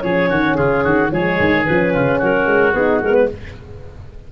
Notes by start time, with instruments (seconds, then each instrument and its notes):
0.00 tuba F3, horn C#4, oboe G#4, clarinet C#5
0.29 tuba D#3, oboe F#4
0.54 tuba C#3, oboe F4, clarinet G#4
0.83 tuba D#3, oboe F#4
1.11 tuba F3, horn G#3, oboe G#4, clarinet C#5
1.39 tuba D#3
1.64 tuba F3, horn C#4, clarinet B4
1.93 tuba C#3, oboe F4
2.18 tuba F#3, oboe F#4, clarinet A#4
2.46 tuba G#3
2.73 tuba B3, horn D#4, clarinet G#4
3.01 tuba G#3, horn B3, clarinet A#4
3.14 clarinet B4